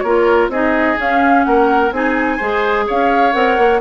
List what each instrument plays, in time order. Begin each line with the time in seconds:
0.00 bassoon A#3, clarinet F4, oboe A#4, flute C#5
0.49 bassoon C4, clarinet D#4, oboe G#4, flute D#5
0.97 clarinet C#4, bassoon C#4, flute F5
1.44 bassoon A#3, oboe A#4, flute F#5
1.91 bassoon C4, clarinet D#4, oboe G#4, flute G#5
2.37 bassoon G#3, clarinet G#4, oboe C5
2.87 bassoon C#4, oboe C#5, flute F5
3.32 bassoon C4, clarinet A#4, flute F#5
3.58 bassoon A#3